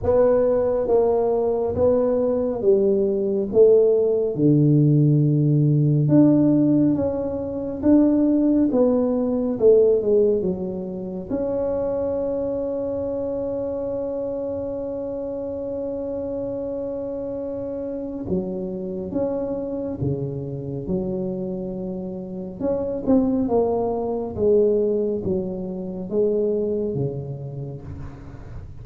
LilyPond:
\new Staff \with { instrumentName = "tuba" } { \time 4/4 \tempo 4 = 69 b4 ais4 b4 g4 | a4 d2 d'4 | cis'4 d'4 b4 a8 gis8 | fis4 cis'2.~ |
cis'1~ | cis'4 fis4 cis'4 cis4 | fis2 cis'8 c'8 ais4 | gis4 fis4 gis4 cis4 | }